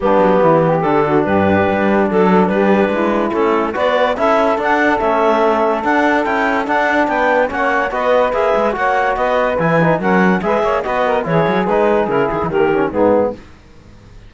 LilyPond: <<
  \new Staff \with { instrumentName = "clarinet" } { \time 4/4 \tempo 4 = 144 g'2 a'4 b'4~ | b'4 a'4 b'2 | a'4 d''4 e''4 fis''4 | e''2 fis''4 g''4 |
fis''4 g''4 fis''4 dis''4 | e''4 fis''4 dis''4 gis''4 | fis''4 e''4 dis''4 cis''4 | b'4 ais'8 gis'8 ais'4 gis'4 | }
  \new Staff \with { instrumentName = "saxophone" } { \time 4/4 d'4 e'8 g'4 fis'8 g'4~ | g'4 a'4 g'4 e'4~ | e'4 b'4 a'2~ | a'1~ |
a'4 b'4 cis''4 b'4~ | b'4 cis''4 b'2 | ais'4 b'8 cis''8 b'8 ais'8 gis'4~ | gis'2 g'4 dis'4 | }
  \new Staff \with { instrumentName = "trombone" } { \time 4/4 b2 d'2~ | d'1 | cis'4 fis'4 e'4 d'4 | cis'2 d'4 e'4 |
d'2 cis'4 fis'4 | gis'4 fis'2 e'8 dis'8 | cis'4 gis'4 fis'4 e'4 | dis'4 e'4 ais8 cis'8 b4 | }
  \new Staff \with { instrumentName = "cello" } { \time 4/4 g8 fis8 e4 d4 g,4 | g4 fis4 g4 gis4 | a4 b4 cis'4 d'4 | a2 d'4 cis'4 |
d'4 b4 ais4 b4 | ais8 gis8 ais4 b4 e4 | fis4 gis8 ais8 b4 e8 fis8 | gis4 cis8 dis16 e16 dis4 gis,4 | }
>>